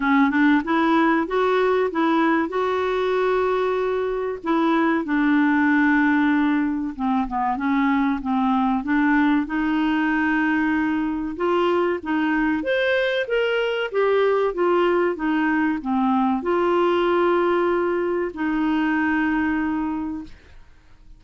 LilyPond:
\new Staff \with { instrumentName = "clarinet" } { \time 4/4 \tempo 4 = 95 cis'8 d'8 e'4 fis'4 e'4 | fis'2. e'4 | d'2. c'8 b8 | cis'4 c'4 d'4 dis'4~ |
dis'2 f'4 dis'4 | c''4 ais'4 g'4 f'4 | dis'4 c'4 f'2~ | f'4 dis'2. | }